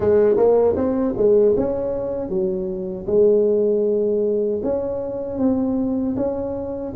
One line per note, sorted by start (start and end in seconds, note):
0.00 0.36 G#3
0.37 0.75 A#3
0.76 1.14 C4
1.17 1.55 G#3
1.56 2.29 C#4
2.29 3.06 F#3
3.07 4.60 G#3
4.63 5.38 C#4
5.38 6.15 C4
6.16 6.93 C#4